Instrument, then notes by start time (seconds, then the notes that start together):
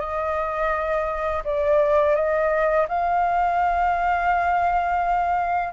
flute
0.00 D#5
1.45 D5
2.16 D#5
2.89 F5